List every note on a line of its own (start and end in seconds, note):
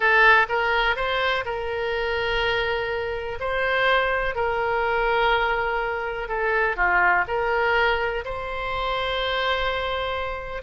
0.00 0.46 A4
0.48 0.96 A#4
0.96 1.44 C5
1.45 3.38 A#4
3.39 4.35 C5
4.35 6.28 A#4
6.28 6.76 A4
6.76 7.24 F4
7.27 8.24 A#4
8.25 10.62 C5